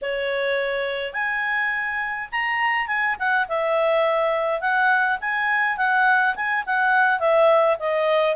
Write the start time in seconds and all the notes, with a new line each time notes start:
0.01 C#5
1.13 G#5
2.31 A#5
2.87 G#5
3.19 F#5
3.48 E5
4.60 F#5
5.21 G#5
5.77 F#5
6.35 G#5
6.66 F#5
7.19 E5
7.79 D#5